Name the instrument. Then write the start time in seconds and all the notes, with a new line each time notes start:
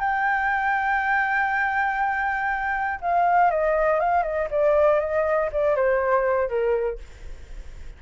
flute
0.00 G5
3.01 F5
3.51 D#5
4.00 F5
4.23 D#5
4.50 D5
5.00 D#5
5.52 D5
5.76 C5
6.49 A#4